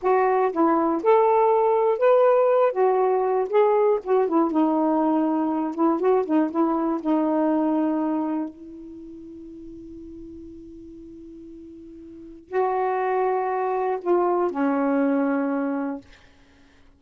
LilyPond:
\new Staff \with { instrumentName = "saxophone" } { \time 4/4 \tempo 4 = 120 fis'4 e'4 a'2 | b'4. fis'4. gis'4 | fis'8 e'8 dis'2~ dis'8 e'8 | fis'8 dis'8 e'4 dis'2~ |
dis'4 e'2.~ | e'1~ | e'4 fis'2. | f'4 cis'2. | }